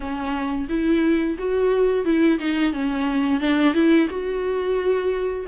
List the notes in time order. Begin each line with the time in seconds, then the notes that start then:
0.00 C#4
0.68 E4
1.38 F#4
2.04 E4
2.39 D#4
2.72 C#4
3.40 D4
3.73 E4
4.09 F#4